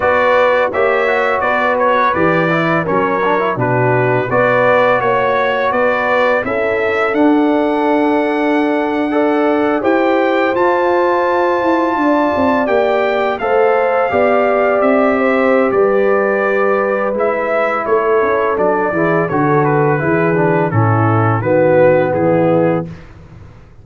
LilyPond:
<<
  \new Staff \with { instrumentName = "trumpet" } { \time 4/4 \tempo 4 = 84 d''4 e''4 d''8 cis''8 d''4 | cis''4 b'4 d''4 cis''4 | d''4 e''4 fis''2~ | fis''4.~ fis''16 g''4 a''4~ a''16~ |
a''4.~ a''16 g''4 f''4~ f''16~ | f''8. e''4~ e''16 d''2 | e''4 cis''4 d''4 cis''8 b'8~ | b'4 a'4 b'4 gis'4 | }
  \new Staff \with { instrumentName = "horn" } { \time 4/4 b'4 cis''4 b'2 | ais'4 fis'4 b'4 cis''4 | b'4 a'2.~ | a'8. d''4 c''2~ c''16~ |
c''8. d''2 c''4 d''16~ | d''4~ d''16 c''8. b'2~ | b'4 a'4. gis'8 a'4 | gis'4 e'4 fis'4 e'4 | }
  \new Staff \with { instrumentName = "trombone" } { \time 4/4 fis'4 g'8 fis'4. g'8 e'8 | cis'8 d'16 e'16 d'4 fis'2~ | fis'4 e'4 d'2~ | d'8. a'4 g'4 f'4~ f'16~ |
f'4.~ f'16 g'4 a'4 g'16~ | g'1 | e'2 d'8 e'8 fis'4 | e'8 d'8 cis'4 b2 | }
  \new Staff \with { instrumentName = "tuba" } { \time 4/4 b4 ais4 b4 e4 | fis4 b,4 b4 ais4 | b4 cis'4 d'2~ | d'4.~ d'16 e'4 f'4~ f'16~ |
f'16 e'8 d'8 c'8 ais4 a4 b16~ | b8. c'4~ c'16 g2 | gis4 a8 cis'8 fis8 e8 d4 | e4 a,4 dis4 e4 | }
>>